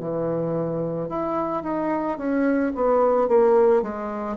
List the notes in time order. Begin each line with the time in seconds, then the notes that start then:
0.00 E3
1.09 E4
1.63 D#4
2.18 C#4
2.75 B3
3.28 A#3
3.82 G#3